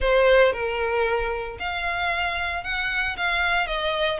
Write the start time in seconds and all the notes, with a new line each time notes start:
0.00 C5
0.52 A#4
1.59 F5
2.63 F#5
3.16 F5
3.67 D#5